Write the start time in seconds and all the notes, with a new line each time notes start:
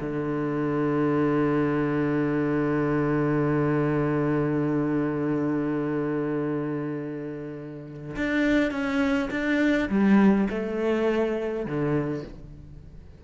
0.00 D3
8.16 D4
8.70 C#4
9.30 D4
9.89 G3
10.50 A3
11.65 D3